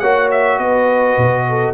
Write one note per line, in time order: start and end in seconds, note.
0.00 0.59 A#3
0.00 1.74 F#4
0.00 0.58 C#5
0.00 0.29 F#5
0.31 0.59 E5
0.59 1.16 B3
0.59 1.45 B4
0.59 1.74 D#5
1.18 1.74 B2
1.49 1.74 A4